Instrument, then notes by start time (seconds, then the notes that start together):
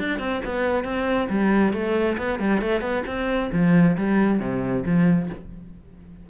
cello
0.00 D4
0.19 C4
0.46 B3
0.85 C4
1.30 G3
1.73 A3
2.18 B3
2.40 G3
2.62 A3
2.81 B3
3.07 C4
3.53 F3
3.97 G3
4.40 C3
4.86 F3